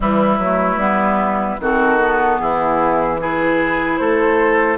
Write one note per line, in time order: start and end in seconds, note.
0.00 0.38 E3
0.00 0.39 G3
0.00 1.61 E4
0.00 1.61 B4
0.38 0.77 F#3
0.38 0.80 A3
0.77 1.57 G3
0.77 1.60 B3
1.59 2.39 D#3
1.59 1.99 C4
1.59 2.41 F#4
1.59 2.39 A4
1.99 3.19 B3
2.39 4.00 E3
2.39 3.21 E4
2.39 3.19 G#4
3.19 4.78 E4
3.19 4.00 G#4
3.19 3.97 B4
3.97 4.78 A3
3.97 4.78 A4
3.97 4.77 C5